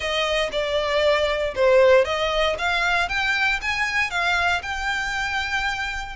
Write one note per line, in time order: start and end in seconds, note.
0.00 0.49 D#5
0.52 1.54 D5
1.55 2.04 C5
2.04 2.56 D#5
2.58 3.08 F5
3.08 3.59 G5
3.61 4.10 G#5
4.10 4.61 F5
4.62 6.16 G5